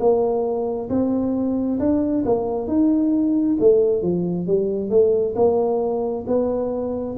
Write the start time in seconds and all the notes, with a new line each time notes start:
0.00 A#3
0.90 C4
1.80 D4
2.26 A#3
2.67 D#4
3.60 A3
4.03 F3
4.47 G3
4.90 A3
5.35 A#3
6.27 B3